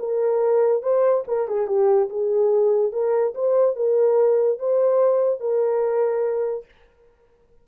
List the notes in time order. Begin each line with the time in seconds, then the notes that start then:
0.00 A#4
0.83 C5
1.28 A#4
1.48 G#4
1.68 G4
2.10 G#4
2.93 A#4
3.35 C5
3.76 A#4
4.59 C5
5.41 A#4